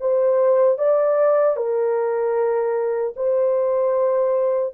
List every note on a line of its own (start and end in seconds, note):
0.00 0.78 C5
0.78 1.56 D5
1.56 3.14 A#4
3.16 4.74 C5